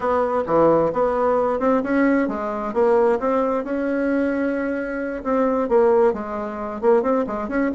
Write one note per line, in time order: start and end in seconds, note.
0.00 0.43 B3
0.46 0.92 E3
0.92 1.59 B3
1.59 1.82 C4
1.83 2.28 C#4
2.28 2.73 G#3
2.73 3.19 A#3
3.19 3.64 C4
3.64 5.23 C#4
5.23 5.68 C4
5.68 6.13 A#3
6.13 6.81 G#3
6.81 7.02 A#3
7.02 7.25 C4
7.26 7.48 G#3
7.48 7.70 C#4